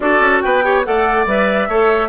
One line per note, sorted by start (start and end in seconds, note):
0.00 0.19 D4
0.00 0.63 F#4
0.00 0.43 A4
0.00 0.40 D5
0.19 0.40 C#4
0.41 0.87 B3
0.41 0.64 B4
0.41 0.83 G5
0.63 0.84 G4
0.63 0.85 C#5
0.84 1.26 A3
0.84 1.27 A4
0.84 1.68 D5
0.84 1.26 F#5
1.26 1.68 G3
1.26 1.69 B4
1.26 2.08 E5
1.68 2.08 A3
1.68 2.08 A4
1.68 2.08 C#5